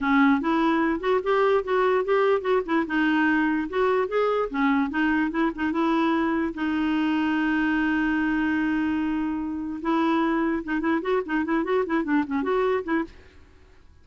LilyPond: \new Staff \with { instrumentName = "clarinet" } { \time 4/4 \tempo 4 = 147 cis'4 e'4. fis'8 g'4 | fis'4 g'4 fis'8 e'8 dis'4~ | dis'4 fis'4 gis'4 cis'4 | dis'4 e'8 dis'8 e'2 |
dis'1~ | dis'1 | e'2 dis'8 e'8 fis'8 dis'8 | e'8 fis'8 e'8 d'8 cis'8 fis'4 e'8 | }